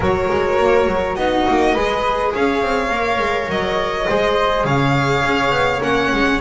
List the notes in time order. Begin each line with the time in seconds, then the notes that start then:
0.00 F#3 F#4 A#4 C#5
0.29 G#3
0.59 A#3
0.86 F#3
1.15 B3 D#4 F#4 D#5
1.48 A#3
1.74 G#3 G#4 B4
2.34 C#4 C#5 F5
2.62 C4
2.89 A#3 A#4
3.18 G#3
3.48 F#3 D#5
4.08 G#3 G#4 C5
4.64 C#3 C#5 F5
5.23 C#4
5.50 B3
5.81 A#3 C#4 F#5
6.12 G#3